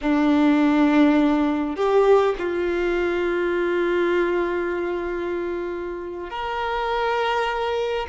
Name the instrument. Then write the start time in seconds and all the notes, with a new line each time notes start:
violin
0.01 D4
1.76 G4
2.38 F4
6.30 A#4